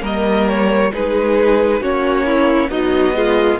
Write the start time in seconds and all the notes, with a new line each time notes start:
0.00 G3 A#3 A#4 D#5
0.48 C#5
0.92 G#3 D#4 G#4 B4
1.81 A#3 C#4 F#4 C#5
2.26 E4
2.68 F#3 B3 D#4 D#5
3.14 G#3 F4